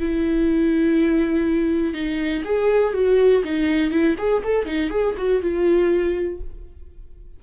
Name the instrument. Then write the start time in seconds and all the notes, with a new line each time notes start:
viola
0.00 E4
1.94 D#4
2.45 G#4
2.94 F#4
3.44 D#4
3.91 E4
4.18 G#4
4.44 A4
4.66 D#4
4.91 G#4
5.18 F#4
5.42 F4